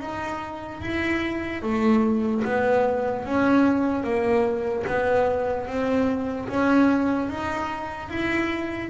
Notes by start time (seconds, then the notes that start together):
0.00 D#4
0.81 E4
1.62 A3
2.44 B3
3.25 C#4
4.04 A#3
4.87 B3
5.67 C4
6.49 C#4
7.29 D#4
8.09 E4